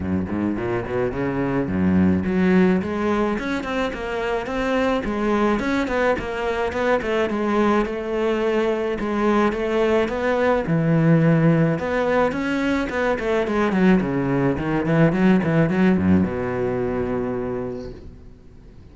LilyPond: \new Staff \with { instrumentName = "cello" } { \time 4/4 \tempo 4 = 107 fis,8 gis,8 ais,8 b,8 cis4 fis,4 | fis4 gis4 cis'8 c'8 ais4 | c'4 gis4 cis'8 b8 ais4 | b8 a8 gis4 a2 |
gis4 a4 b4 e4~ | e4 b4 cis'4 b8 a8 | gis8 fis8 cis4 dis8 e8 fis8 e8 | fis8 fis,8 b,2. | }